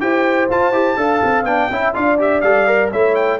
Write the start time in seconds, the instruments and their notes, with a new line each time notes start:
0.00 tuba E4, trombone G4, horn C5, trumpet G5
0.50 tuba F4, trombone F4, trumpet A5
0.71 tuba E4, trombone G4
0.96 tuba D4, trombone A4, horn F5
1.23 tuba C4
1.44 tuba B3, trombone D4, trumpet G5
1.70 tuba C#4, trombone E4, horn E5
1.94 tuba D4, trombone F4, horn D5, trumpet F5
2.18 trombone G4, trumpet E5
2.41 tuba G3, trombone A4, trumpet F5
2.67 trombone A#4
2.91 tuba A3, trombone E4, horn C#5, trumpet E5
3.15 trumpet G5